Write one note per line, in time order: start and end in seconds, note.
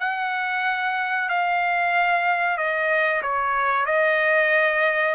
0.00 1.29 F#5
1.29 2.57 F5
2.57 3.22 D#5
3.22 3.86 C#5
3.86 5.15 D#5